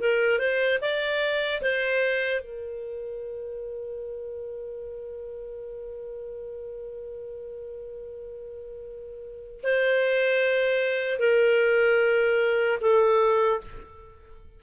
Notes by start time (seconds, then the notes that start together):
0.00 A#4
0.39 C5
0.81 D5
1.62 C5
2.41 A#4
9.63 C5
11.19 A#4
12.81 A4